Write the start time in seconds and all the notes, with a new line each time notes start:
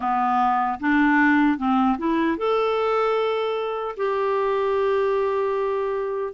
0.00 B3
0.79 D4
1.58 C4
1.97 E4
2.37 A4
3.96 G4